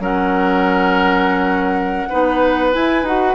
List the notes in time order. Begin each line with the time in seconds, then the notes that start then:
0.00 F#3 C#4 A#4 F#5
2.10 B3 D#4 B4
2.73 E4 G#5
3.03 D#4 F#4 F#5